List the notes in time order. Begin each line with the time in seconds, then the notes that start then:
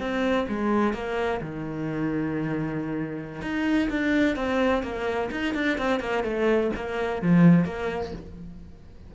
0.00 C4
0.48 G#3
0.93 A#3
1.41 D#3
3.41 D#4
3.90 D4
4.36 C4
4.83 A#3
5.31 D#4
5.54 D4
5.78 C4
6.00 A#3
6.23 A3
6.75 A#3
7.22 F3
7.64 A#3